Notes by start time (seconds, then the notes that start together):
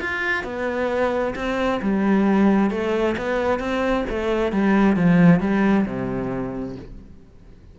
0.00 F4
0.44 B3
1.35 C4
1.82 G3
2.70 A3
3.17 B3
3.59 C4
4.09 A3
4.52 G3
4.96 F3
5.40 G3
5.85 C3